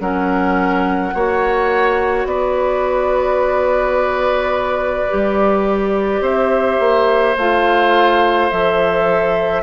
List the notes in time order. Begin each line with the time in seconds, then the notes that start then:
0.00 F#3 C#4 A#4 F#5
1.14 A#3 F#4 C#5
2.25 B3 B4 D5
5.09 G3 G4
6.21 C4 C5 E5
6.79 A#3
7.37 A3 F4 F5
8.50 F3 A4 E5